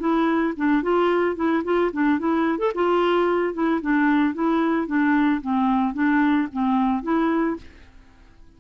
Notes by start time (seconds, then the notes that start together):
0.00 E4
0.57 D4
0.83 F4
1.36 E4
1.64 F4
1.93 D4
2.19 E4
2.59 A4
2.75 F4
3.54 E4
3.82 D4
4.34 E4
4.87 D4
5.42 C4
5.94 D4
6.53 C4
7.03 E4